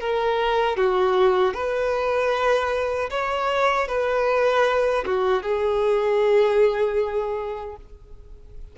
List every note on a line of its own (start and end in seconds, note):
0.00 0.77 A#4
0.77 1.54 F#4
1.54 3.10 B4
3.10 3.87 C#5
3.87 5.04 B4
5.06 5.42 F#4
5.42 7.76 G#4